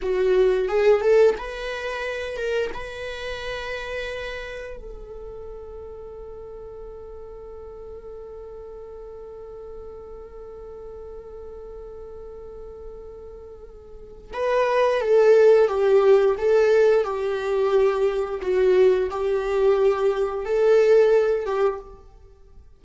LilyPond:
\new Staff \with { instrumentName = "viola" } { \time 4/4 \tempo 4 = 88 fis'4 gis'8 a'8 b'4. ais'8 | b'2. a'4~ | a'1~ | a'1~ |
a'1~ | a'4 b'4 a'4 g'4 | a'4 g'2 fis'4 | g'2 a'4. g'8 | }